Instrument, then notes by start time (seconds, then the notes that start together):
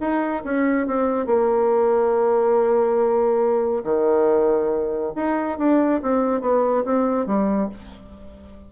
bassoon
0.00 D#4
0.44 C#4
0.87 C4
1.26 A#3
3.84 D#3
5.15 D#4
5.58 D4
6.02 C4
6.41 B3
6.84 C4
7.26 G3